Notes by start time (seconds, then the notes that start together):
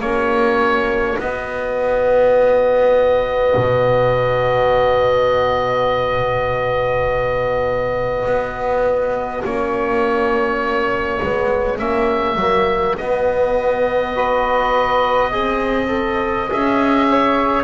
0.00 A#3 C#4 F#4 C#5
1.19 B3 D#5
3.57 B2
8.26 B3
9.44 A#3 C#4 C#5
11.22 G#3 B3
11.78 A#3 C#4 E5
12.36 F#3 A#3
12.98 B3 D#5
14.15 F#4 B4
15.30 C4 G#4 D#5
15.88 A4
16.49 C#4 G#4 E5
17.10 C#5